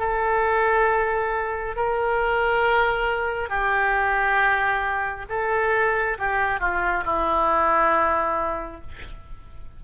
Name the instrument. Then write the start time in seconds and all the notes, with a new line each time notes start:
oboe
0.00 A4
1.76 A#4
3.49 G4
5.30 A4
6.19 G4
6.60 F4
7.05 E4